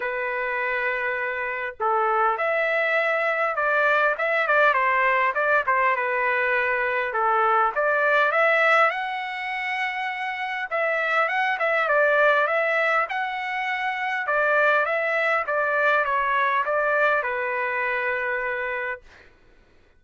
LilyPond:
\new Staff \with { instrumentName = "trumpet" } { \time 4/4 \tempo 4 = 101 b'2. a'4 | e''2 d''4 e''8 d''8 | c''4 d''8 c''8 b'2 | a'4 d''4 e''4 fis''4~ |
fis''2 e''4 fis''8 e''8 | d''4 e''4 fis''2 | d''4 e''4 d''4 cis''4 | d''4 b'2. | }